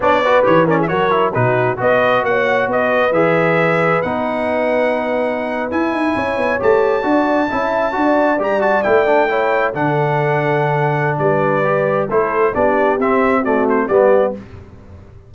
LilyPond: <<
  \new Staff \with { instrumentName = "trumpet" } { \time 4/4 \tempo 4 = 134 d''4 cis''8 d''16 e''16 cis''4 b'4 | dis''4 fis''4 dis''4 e''4~ | e''4 fis''2.~ | fis''8. gis''2 a''4~ a''16~ |
a''2~ a''8. ais''8 a''8 g''16~ | g''4.~ g''16 fis''2~ fis''16~ | fis''4 d''2 c''4 | d''4 e''4 d''8 c''8 d''4 | }
  \new Staff \with { instrumentName = "horn" } { \time 4/4 cis''8 b'4 ais'16 gis'16 ais'4 fis'4 | b'4 cis''4 b'2~ | b'1~ | b'4.~ b'16 cis''2 d''16~ |
d''8. e''4 d''2~ d''16~ | d''8. cis''4 a'2~ a'16~ | a'4 b'2 a'4 | g'2 fis'4 g'4 | }
  \new Staff \with { instrumentName = "trombone" } { \time 4/4 d'8 fis'8 g'8 cis'8 fis'8 e'8 dis'4 | fis'2. gis'4~ | gis'4 dis'2.~ | dis'8. e'2 g'4 fis'16~ |
fis'8. e'4 fis'4 g'8 fis'8 e'16~ | e'16 d'8 e'4 d'2~ d'16~ | d'2 g'4 e'4 | d'4 c'4 a4 b4 | }
  \new Staff \with { instrumentName = "tuba" } { \time 4/4 b4 e4 fis4 b,4 | b4 ais4 b4 e4~ | e4 b2.~ | b8. e'8 dis'8 cis'8 b8 a4 d'16~ |
d'8. cis'4 d'4 g4 a16~ | a4.~ a16 d2~ d16~ | d4 g2 a4 | b4 c'2 g4 | }
>>